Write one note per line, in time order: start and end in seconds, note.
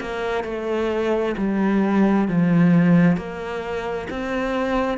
0.00 0.44 A#3
0.44 1.35 A3
1.37 2.28 G3
2.28 3.17 F3
3.17 4.07 A#3
4.10 4.98 C4